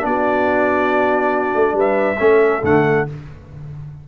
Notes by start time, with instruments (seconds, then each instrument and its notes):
0.00 tuba B3, trombone D4, horn F#4, trumpet D5
1.54 tuba A3
1.73 tuba G3, horn B4, trumpet E5
2.19 tuba A3, trombone C#4, horn A4
2.63 tuba D3, trombone A3, trumpet F#5